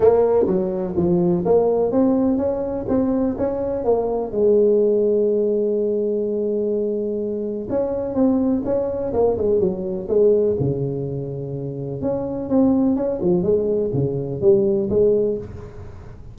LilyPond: \new Staff \with { instrumentName = "tuba" } { \time 4/4 \tempo 4 = 125 ais4 fis4 f4 ais4 | c'4 cis'4 c'4 cis'4 | ais4 gis2.~ | gis1 |
cis'4 c'4 cis'4 ais8 gis8 | fis4 gis4 cis2~ | cis4 cis'4 c'4 cis'8 f8 | gis4 cis4 g4 gis4 | }